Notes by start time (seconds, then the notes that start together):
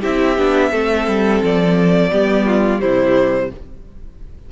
0.00 C4 E4 G4 E5
0.37 B3 D4
0.71 A3 C4 A4
1.07 G3
1.42 F3 D5
2.10 G3 B3 G4
2.46 F4
2.79 C3 G3 E4 C5